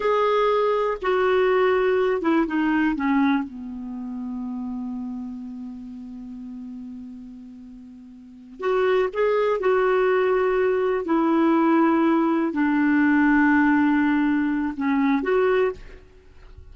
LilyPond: \new Staff \with { instrumentName = "clarinet" } { \time 4/4 \tempo 4 = 122 gis'2 fis'2~ | fis'8 e'8 dis'4 cis'4 b4~ | b1~ | b1~ |
b4. fis'4 gis'4 fis'8~ | fis'2~ fis'8 e'4.~ | e'4. d'2~ d'8~ | d'2 cis'4 fis'4 | }